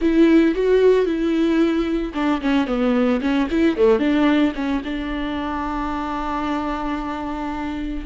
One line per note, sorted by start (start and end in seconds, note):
0.01 0.54 E4
0.54 1.05 F#4
1.05 2.13 E4
2.14 2.41 D4
2.41 2.66 C#4
2.66 3.20 B3
3.21 3.47 C#4
3.50 3.76 E4
3.76 3.99 A3
3.99 4.53 D4
4.55 4.82 C#4
4.84 8.05 D4